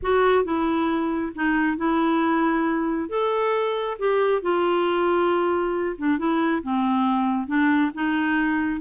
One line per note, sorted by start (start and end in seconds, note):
0.02 0.44 F#4
0.44 1.32 E4
1.35 1.77 D#4
1.77 3.09 E4
3.09 3.97 A4
3.98 4.42 G4
4.42 5.96 F4
5.98 6.18 D4
6.18 6.62 E4
6.62 7.47 C4
7.47 7.91 D4
7.94 8.80 D#4